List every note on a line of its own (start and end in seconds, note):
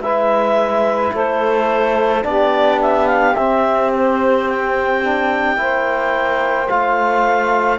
0.00 1.11 G#3
0.00 2.23 E4
0.00 1.13 B4
0.00 1.13 E5
1.13 2.25 A3
1.13 2.24 A4
1.13 2.24 C5
2.23 3.36 B3
2.23 3.34 D4
2.23 5.61 G4
2.23 2.80 D5
2.82 3.07 E5
3.07 3.35 F5
3.35 5.57 C4
3.35 5.04 C4
3.35 3.91 E5
3.94 4.49 C5
4.49 6.69 G5
5.04 5.57 D4
5.57 6.69 A#3
5.57 6.68 E4
5.57 7.79 C5
6.69 7.79 A3
6.69 7.79 F4
6.69 7.79 F5